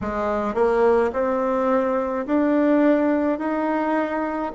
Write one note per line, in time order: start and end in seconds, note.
0.01 0.54 G#3
0.54 1.11 A#3
1.13 2.26 C4
2.26 3.39 D4
3.39 4.52 D#4